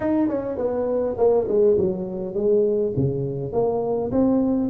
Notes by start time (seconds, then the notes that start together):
0.00 D#4
0.28 C#4
0.57 B3
1.17 A#3
1.47 G#3
1.77 F#3
2.34 G#3
2.96 C#3
3.52 A#3
4.11 C4